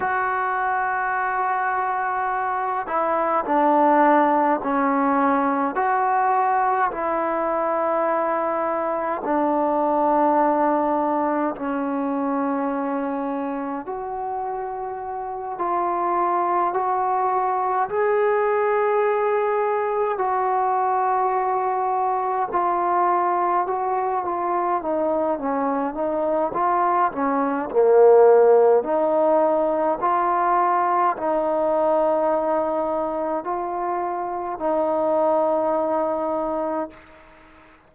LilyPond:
\new Staff \with { instrumentName = "trombone" } { \time 4/4 \tempo 4 = 52 fis'2~ fis'8 e'8 d'4 | cis'4 fis'4 e'2 | d'2 cis'2 | fis'4. f'4 fis'4 gis'8~ |
gis'4. fis'2 f'8~ | f'8 fis'8 f'8 dis'8 cis'8 dis'8 f'8 cis'8 | ais4 dis'4 f'4 dis'4~ | dis'4 f'4 dis'2 | }